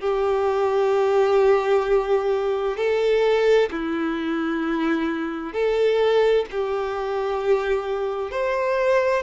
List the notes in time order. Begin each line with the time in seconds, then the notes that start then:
0.00 G4
2.77 A4
3.71 E4
5.53 A4
6.51 G4
8.31 C5